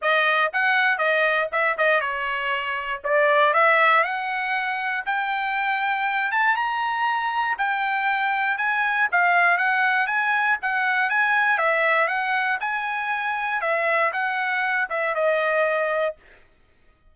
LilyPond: \new Staff \with { instrumentName = "trumpet" } { \time 4/4 \tempo 4 = 119 dis''4 fis''4 dis''4 e''8 dis''8 | cis''2 d''4 e''4 | fis''2 g''2~ | g''8 a''8 ais''2 g''4~ |
g''4 gis''4 f''4 fis''4 | gis''4 fis''4 gis''4 e''4 | fis''4 gis''2 e''4 | fis''4. e''8 dis''2 | }